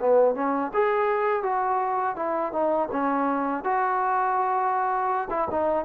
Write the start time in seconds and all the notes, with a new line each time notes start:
0.00 B3
0.35 C#4
0.74 G#4
1.43 F#4
2.16 E4
2.52 D#4
2.92 C#4
3.64 F#4
5.30 E4
5.51 D#4